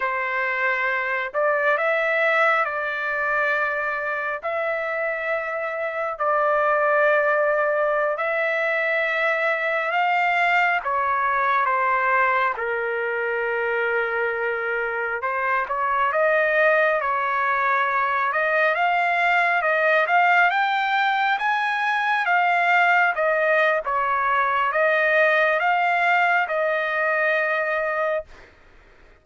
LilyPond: \new Staff \with { instrumentName = "trumpet" } { \time 4/4 \tempo 4 = 68 c''4. d''8 e''4 d''4~ | d''4 e''2 d''4~ | d''4~ d''16 e''2 f''8.~ | f''16 cis''4 c''4 ais'4.~ ais'16~ |
ais'4~ ais'16 c''8 cis''8 dis''4 cis''8.~ | cis''8. dis''8 f''4 dis''8 f''8 g''8.~ | g''16 gis''4 f''4 dis''8. cis''4 | dis''4 f''4 dis''2 | }